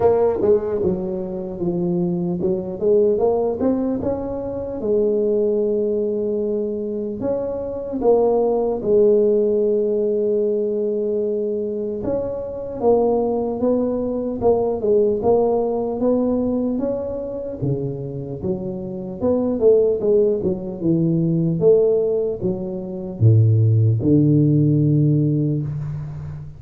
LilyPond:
\new Staff \with { instrumentName = "tuba" } { \time 4/4 \tempo 4 = 75 ais8 gis8 fis4 f4 fis8 gis8 | ais8 c'8 cis'4 gis2~ | gis4 cis'4 ais4 gis4~ | gis2. cis'4 |
ais4 b4 ais8 gis8 ais4 | b4 cis'4 cis4 fis4 | b8 a8 gis8 fis8 e4 a4 | fis4 a,4 d2 | }